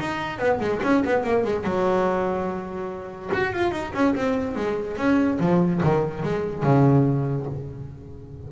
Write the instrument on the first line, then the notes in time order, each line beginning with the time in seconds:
double bass
0.00 D#4
0.39 B3
0.60 G#3
0.84 C#4
1.05 B3
1.24 A#3
1.45 G#3
1.64 F#3
3.34 F#4
3.53 F4
3.72 D#4
3.94 C#4
4.15 C4
4.56 G#3
4.97 C#4
5.40 F3
5.84 D#3
6.23 G#3
6.63 C#3